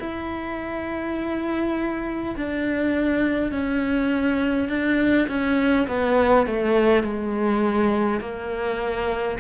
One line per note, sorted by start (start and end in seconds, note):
0.00 2.35 E4
2.37 3.52 D4
3.52 4.70 C#4
4.70 5.28 D4
5.29 5.88 C#4
5.88 6.47 B3
6.47 7.03 A3
7.03 8.21 G#3
8.21 9.39 A#3